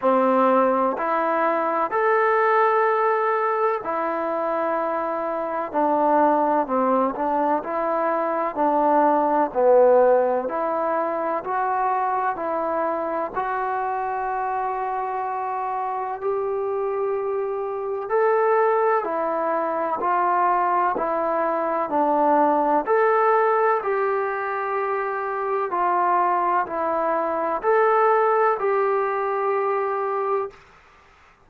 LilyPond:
\new Staff \with { instrumentName = "trombone" } { \time 4/4 \tempo 4 = 63 c'4 e'4 a'2 | e'2 d'4 c'8 d'8 | e'4 d'4 b4 e'4 | fis'4 e'4 fis'2~ |
fis'4 g'2 a'4 | e'4 f'4 e'4 d'4 | a'4 g'2 f'4 | e'4 a'4 g'2 | }